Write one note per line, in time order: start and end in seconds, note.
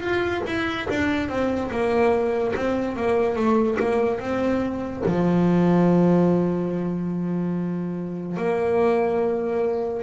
0.00 0.42 F4
0.46 0.87 E4
0.89 1.29 D4
1.29 1.70 C4
1.70 2.54 A#3
2.55 2.96 C4
2.96 3.36 A#3
3.36 3.77 A3
3.79 4.19 A#3
4.19 5.03 C4
5.06 8.37 F3
8.37 10.02 A#3